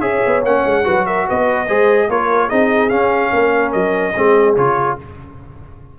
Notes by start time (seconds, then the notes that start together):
0.00 C#4 G#4 C#5 E5
0.25 B3
0.43 A#3 C#4 F#5
0.65 G#3
0.84 F#3 F#4 B4
1.06 A#4 E5
1.28 B3 B4 D#5
1.66 G#3 G#4 C5
2.08 A#3 F4 A#4 C#5
2.49 C4 D#4 G#4 D#5
2.89 C#4 F5
3.32 A#3 A#4
3.72 F#3 D#5
4.14 G#3 C4 G#4
4.56 C#3 F4 C#5